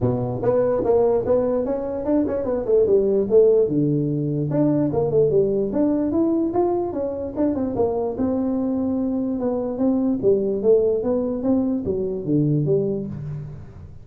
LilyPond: \new Staff \with { instrumentName = "tuba" } { \time 4/4 \tempo 4 = 147 b,4 b4 ais4 b4 | cis'4 d'8 cis'8 b8 a8 g4 | a4 d2 d'4 | ais8 a8 g4 d'4 e'4 |
f'4 cis'4 d'8 c'8 ais4 | c'2. b4 | c'4 g4 a4 b4 | c'4 fis4 d4 g4 | }